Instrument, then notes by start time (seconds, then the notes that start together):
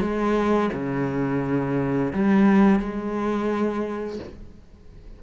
cello
0.00 G#3
0.73 C#3
2.13 G3
2.79 G#3